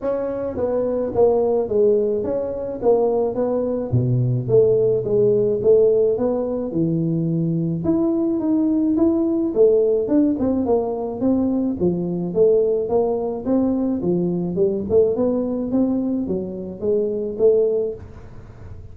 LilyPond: \new Staff \with { instrumentName = "tuba" } { \time 4/4 \tempo 4 = 107 cis'4 b4 ais4 gis4 | cis'4 ais4 b4 b,4 | a4 gis4 a4 b4 | e2 e'4 dis'4 |
e'4 a4 d'8 c'8 ais4 | c'4 f4 a4 ais4 | c'4 f4 g8 a8 b4 | c'4 fis4 gis4 a4 | }